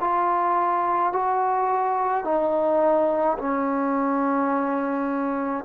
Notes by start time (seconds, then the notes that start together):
0.00 F4
1.13 F#4
2.24 D#4
3.38 C#4